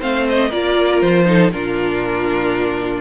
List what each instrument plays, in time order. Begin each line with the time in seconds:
0.00 cello A3, viola C4, violin C5 F5
0.28 violin D#5
0.48 cello A#3, viola F4, violin A#4 D5
1.00 cello F3, violin C5
1.25 viola D#4, violin A4
1.51 cello A#2, viola D4, violin F4 A#4